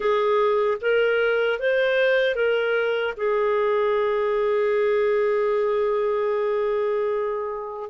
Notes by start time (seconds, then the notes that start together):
0.00 G#4
0.81 A#4
1.59 C5
2.35 A#4
3.16 G#4